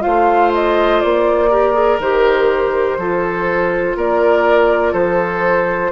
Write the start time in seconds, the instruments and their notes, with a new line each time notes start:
0.00 bassoon A3, clarinet F4, oboe C5, flute F5
0.54 flute D#5
1.01 bassoon A#3, flute D5
1.50 clarinet G4, oboe A#4
1.73 clarinet G#4
1.99 bassoon D#3, clarinet G4, flute C5
2.97 bassoon F3, clarinet F4, oboe A4
3.96 bassoon A#3, oboe A#4, flute D5
4.92 bassoon F3, oboe A4, flute C5